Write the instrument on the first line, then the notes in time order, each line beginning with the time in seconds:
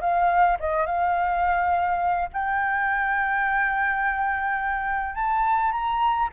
flute
0.00 F5
0.59 D#5
0.86 F5
2.32 G5
5.15 A5
5.71 A#5